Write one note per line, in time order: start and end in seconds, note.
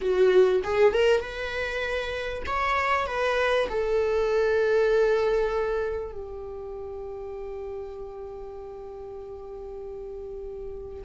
0.01 0.62 F#4
0.63 0.93 G#4
0.93 1.20 A#4
1.20 2.42 B4
2.46 3.06 C#5
3.06 3.67 B4
3.69 6.12 A4
6.12 11.01 G4